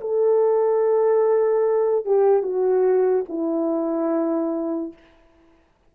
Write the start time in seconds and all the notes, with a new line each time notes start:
0.00 A4
2.05 G4
2.42 F#4
3.28 E4